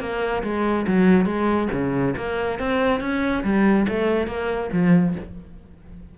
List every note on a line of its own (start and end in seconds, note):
0.00 0.43 A#3
0.43 0.86 G#3
0.87 1.26 F#3
1.26 1.69 G#3
1.72 2.15 C#3
2.17 2.59 A#3
2.59 3.00 C4
3.00 3.43 C#4
3.43 3.86 G3
3.88 4.27 A3
4.27 4.70 A#3
4.73 5.15 F3